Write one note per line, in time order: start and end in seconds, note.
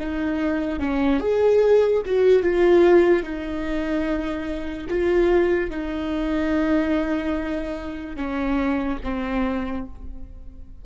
0.00 0.80 D#4
0.80 1.20 C#4
1.20 2.02 G#4
2.06 2.43 F#4
2.43 3.24 F4
3.24 4.88 D#4
4.90 5.71 F4
5.71 8.17 D#4
8.17 8.99 C#4
9.04 9.86 C4